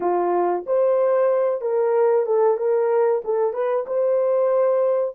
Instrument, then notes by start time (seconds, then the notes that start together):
horn
0.00 F4
0.66 C5
1.61 A#4
2.26 A4
2.57 A#4
3.24 A4
3.53 B4
3.87 C5